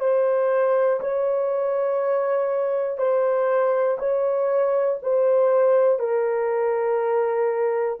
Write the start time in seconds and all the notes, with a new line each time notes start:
0.00 C5
1.00 C#5
2.97 C5
3.98 C#5
5.02 C5
5.99 A#4